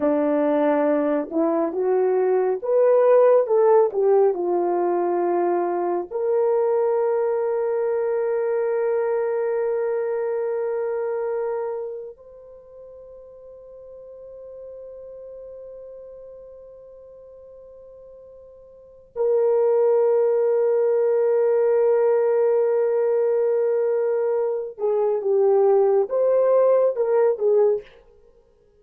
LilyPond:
\new Staff \with { instrumentName = "horn" } { \time 4/4 \tempo 4 = 69 d'4. e'8 fis'4 b'4 | a'8 g'8 f'2 ais'4~ | ais'1~ | ais'2 c''2~ |
c''1~ | c''2 ais'2~ | ais'1~ | ais'8 gis'8 g'4 c''4 ais'8 gis'8 | }